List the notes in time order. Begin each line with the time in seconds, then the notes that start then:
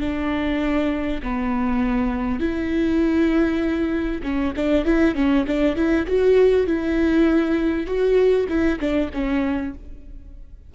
0.00 D4
1.22 B3
2.40 E4
4.23 C#4
4.56 D4
4.85 E4
5.15 C#4
5.47 D4
5.75 E4
6.07 F#4
6.66 E4
7.86 F#4
8.48 E4
8.80 D4
9.13 C#4